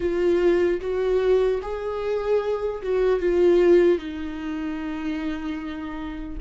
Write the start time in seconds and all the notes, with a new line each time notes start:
0.00 F4
0.80 F#4
1.62 G#4
2.82 F#4
3.19 F4
3.98 D#4